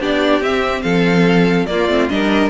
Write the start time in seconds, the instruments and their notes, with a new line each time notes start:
0.00 cello B3, viola D4, violin G4 D5
0.41 cello C4, viola C4, violin E5
0.82 cello F3, violin A4 F5
1.66 cello A#3, viola A#3, violin F4 D5
1.88 cello A3, viola C4
2.09 cello G3, viola D4, violin A#4 D#5